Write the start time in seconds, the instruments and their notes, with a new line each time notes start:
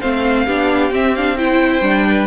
0.00 cello A3, viola C4, violin C5 F5
0.45 cello B3, viola D4, violin G4
0.91 cello C4, viola C4, violin E5
1.16 viola D4, violin F5
1.38 viola E4, violin C5 G5
1.81 cello G3, viola D4
2.08 violin B4